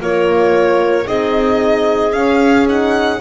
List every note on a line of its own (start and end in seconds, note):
0.00 1.06 A#3
0.00 1.05 F4
0.00 1.06 A#4
0.00 1.07 C#5
1.05 2.13 C4
1.05 2.12 D#4
1.05 3.20 G#4
1.05 2.12 D#5
2.12 3.20 C#4
2.12 2.67 C#4
2.12 2.66 F5
2.67 3.21 D#4
2.67 3.21 F#5